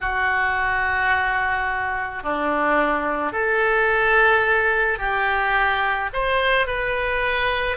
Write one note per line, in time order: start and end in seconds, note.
0.01 2.23 F#4
2.23 3.32 D4
3.32 4.98 A4
4.98 6.09 G4
6.13 6.66 C5
6.66 7.76 B4